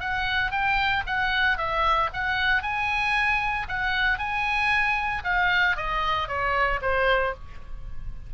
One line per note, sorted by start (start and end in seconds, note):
0.00 0.51 F#5
0.51 1.03 G5
1.06 1.57 F#5
1.57 2.10 E5
2.13 2.62 F#5
2.62 3.67 G#5
3.68 4.18 F#5
4.18 5.23 G#5
5.24 5.76 F5
5.76 6.28 D#5
6.28 6.80 C#5
6.82 7.34 C5